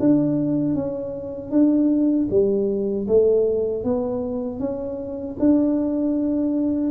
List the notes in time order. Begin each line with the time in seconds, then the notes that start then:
0.00 D4
0.75 C#4
1.51 D4
2.31 G3
3.08 A3
3.84 B3
4.60 C#4
5.39 D4